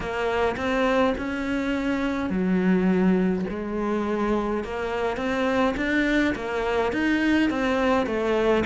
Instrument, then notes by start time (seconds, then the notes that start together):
cello
0.00 A#3
0.57 C4
1.17 C#4
2.30 F#3
3.49 G#3
4.64 A#3
5.17 C4
5.76 D4
6.35 A#3
6.92 D#4
7.49 C4
8.06 A3